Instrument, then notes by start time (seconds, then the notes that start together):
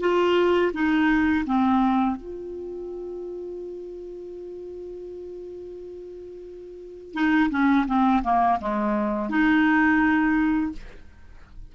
clarinet
0.00 F4
0.73 D#4
1.46 C4
2.16 F4
7.14 D#4
7.50 C#4
7.87 C4
8.23 A#3
8.61 G#3
9.29 D#4